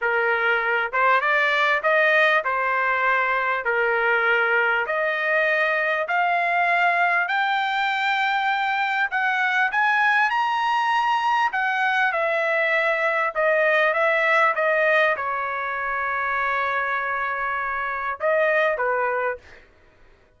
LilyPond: \new Staff \with { instrumentName = "trumpet" } { \time 4/4 \tempo 4 = 99 ais'4. c''8 d''4 dis''4 | c''2 ais'2 | dis''2 f''2 | g''2. fis''4 |
gis''4 ais''2 fis''4 | e''2 dis''4 e''4 | dis''4 cis''2.~ | cis''2 dis''4 b'4 | }